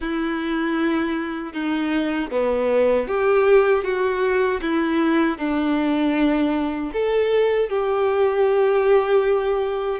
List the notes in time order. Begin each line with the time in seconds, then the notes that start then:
0.00 E4
1.53 D#4
2.30 B3
3.07 G4
3.84 F#4
4.62 E4
5.38 D4
6.92 A4
7.69 G4